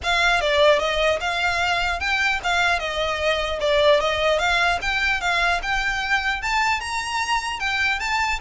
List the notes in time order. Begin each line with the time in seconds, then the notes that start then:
0.03 F5
0.40 D5
0.79 D#5
1.20 F5
1.99 G5
2.43 F5
2.79 D#5
3.60 D5
4.00 D#5
4.39 F5
4.81 G5
5.20 F5
5.62 G5
6.42 A5
6.80 A#5
7.59 G5
7.99 A5